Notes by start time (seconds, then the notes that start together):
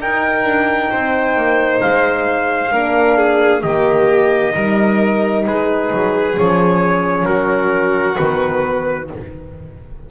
0.00 D#4 A#4 G5
0.44 D4
0.91 C4 C5
1.36 A#3
1.81 G#3 F5
2.72 A#3 D4 A#4
3.18 G#4
3.62 D#3 A#3 G4 D#5
4.54 G3 D#4 A#4
5.46 G#3 G#4 B4
5.92 F#3
6.35 F3 C#4 C#5
7.26 F#3 F#4 A#4
8.17 D#3 B3 B4